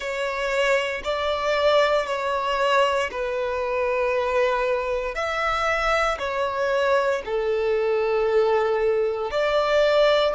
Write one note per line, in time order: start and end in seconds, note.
0.00 1.02 C#5
1.03 2.06 D5
2.06 3.09 C#5
3.11 5.14 B4
5.14 6.18 E5
6.18 7.22 C#5
7.25 9.31 A4
9.31 10.34 D5